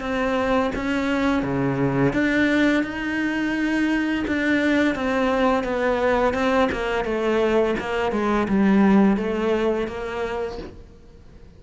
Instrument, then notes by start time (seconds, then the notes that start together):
cello
0.00 C4
0.75 C#4
1.42 C#3
2.13 D4
2.83 D#4
4.27 D4
4.95 C4
5.63 B3
6.33 C4
6.72 A#3
7.04 A3
7.79 A#3
8.11 G#3
8.48 G3
9.17 A3
9.87 A#3